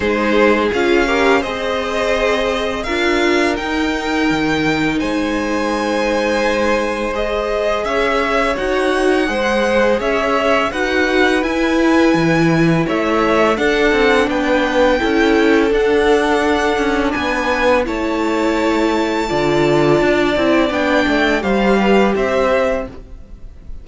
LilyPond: <<
  \new Staff \with { instrumentName = "violin" } { \time 4/4 \tempo 4 = 84 c''4 f''4 dis''2 | f''4 g''2 gis''4~ | gis''2 dis''4 e''4 | fis''2 e''4 fis''4 |
gis''2 e''4 fis''4 | g''2 fis''2 | gis''4 a''2.~ | a''4 g''4 f''4 e''4 | }
  \new Staff \with { instrumentName = "violin" } { \time 4/4 gis'4. ais'8 c''2 | ais'2. c''4~ | c''2. cis''4~ | cis''4 c''4 cis''4 b'4~ |
b'2 cis''4 a'4 | b'4 a'2. | b'4 cis''2 d''4~ | d''2 c''8 b'8 c''4 | }
  \new Staff \with { instrumentName = "viola" } { \time 4/4 dis'4 f'8 g'8 gis'2 | f'4 dis'2.~ | dis'2 gis'2 | fis'4 gis'2 fis'4 |
e'2. d'4~ | d'4 e'4 d'2~ | d'4 e'2 f'4~ | f'8 e'8 d'4 g'2 | }
  \new Staff \with { instrumentName = "cello" } { \time 4/4 gis4 cis'4 c'2 | d'4 dis'4 dis4 gis4~ | gis2. cis'4 | dis'4 gis4 cis'4 dis'4 |
e'4 e4 a4 d'8 c'8 | b4 cis'4 d'4. cis'8 | b4 a2 d4 | d'8 c'8 b8 a8 g4 c'4 | }
>>